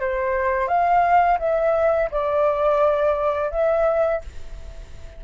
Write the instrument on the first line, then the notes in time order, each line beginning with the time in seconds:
flute
0.00 C5
0.68 F5
1.39 E5
2.11 D5
3.51 E5